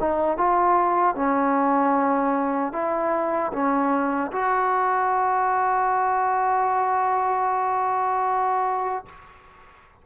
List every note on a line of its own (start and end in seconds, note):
0.00 0.37 D#4
0.37 1.15 F4
1.15 2.73 C#4
2.73 3.52 E4
3.53 4.32 C#4
4.32 9.05 F#4